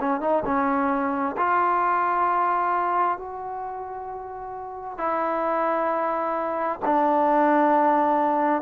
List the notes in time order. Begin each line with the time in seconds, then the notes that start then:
0.00 C#4
0.21 D#4
0.45 C#4
1.37 F4
3.18 F#4
4.98 E4
6.85 D4